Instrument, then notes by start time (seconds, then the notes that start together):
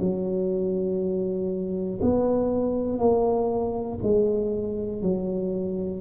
tuba
0.00 F#3
2.02 B3
2.99 A#3
4.03 G#3
5.02 F#3